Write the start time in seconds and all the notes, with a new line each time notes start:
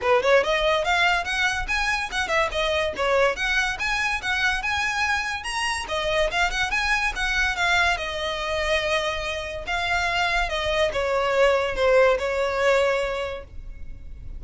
0.01 B4
0.22 C#5
0.43 D#5
0.84 F5
1.24 F#5
1.67 G#5
2.11 F#5
2.28 E5
2.51 D#5
2.96 C#5
3.35 F#5
3.79 G#5
4.22 F#5
4.62 G#5
5.43 A#5
5.88 D#5
6.30 F5
6.50 F#5
6.70 G#5
7.15 F#5
7.55 F5
7.97 D#5
9.67 F5
10.49 D#5
10.92 C#5
11.75 C5
12.18 C#5